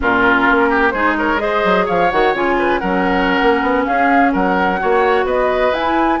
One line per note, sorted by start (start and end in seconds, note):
0.00 0.48 A#2
0.00 0.93 C#4
0.00 0.69 F4
0.00 0.90 A#4
0.50 0.93 A#3
0.69 0.93 G4
0.90 1.63 G#3
0.90 1.37 D#4
0.90 1.17 G#4
0.90 1.13 C5
1.17 1.41 A#4
1.17 1.39 C#5
1.37 2.07 G#4
1.37 1.85 C5
1.37 1.86 D#5
1.64 1.88 F#3
1.85 2.12 F3
1.85 2.55 C#5
1.85 2.11 F5
2.11 2.33 D#3
2.11 2.34 F#4
2.11 2.34 F#5
2.33 2.80 C#3
2.33 2.81 F4
2.33 2.78 G#5
2.58 2.80 B4
2.78 3.41 F#3
2.78 4.78 C#4
2.78 3.85 A#4
2.78 3.84 F#5
3.41 3.62 A#3
3.62 3.85 B3
3.85 4.34 C#4
3.85 4.32 G#4
3.85 4.31 F5
4.32 4.81 F#3
4.32 4.79 A#4
4.32 5.27 F#5
4.78 5.24 A#3
4.78 5.72 F#4
4.78 5.25 C#5
5.24 5.71 B3
5.24 6.19 B4
5.24 5.73 D#5
5.72 6.19 E4
5.72 6.20 E4
5.72 6.20 G#5